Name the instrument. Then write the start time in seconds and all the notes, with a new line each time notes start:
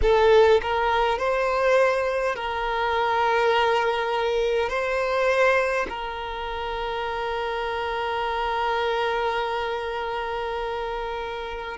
violin
0.02 A4
0.62 A#4
1.18 C5
2.35 A#4
4.68 C5
5.89 A#4